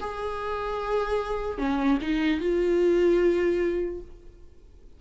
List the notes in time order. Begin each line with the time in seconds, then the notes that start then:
0.00 G#4
1.58 C#4
2.01 D#4
2.40 F4